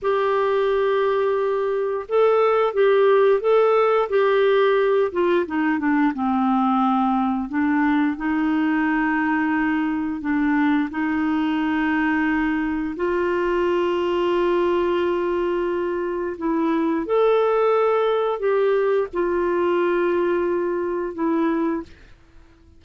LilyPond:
\new Staff \with { instrumentName = "clarinet" } { \time 4/4 \tempo 4 = 88 g'2. a'4 | g'4 a'4 g'4. f'8 | dis'8 d'8 c'2 d'4 | dis'2. d'4 |
dis'2. f'4~ | f'1 | e'4 a'2 g'4 | f'2. e'4 | }